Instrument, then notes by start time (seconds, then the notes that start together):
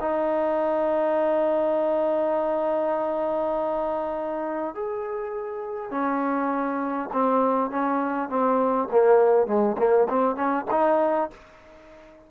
trombone
0.00 D#4
4.74 G#4
5.91 C#4
7.12 C4
7.70 C#4
8.29 C4
8.91 A#3
9.46 G#3
9.78 A#3
10.09 C4
10.35 C#4
10.71 D#4